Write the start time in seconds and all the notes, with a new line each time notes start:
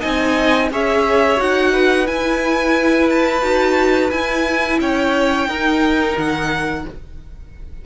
0.00 C4 D#4 D#5 G#5
0.71 C#4 G#4 C#5 E5
1.37 D#4 F#4 F#5
1.73 B4
2.07 E4 G#5
3.10 A5
3.42 D#4 F#4
4.10 E4 G#5
4.80 C#4 C#5 G5
5.48 D#4 A#4
6.17 D#3 F#5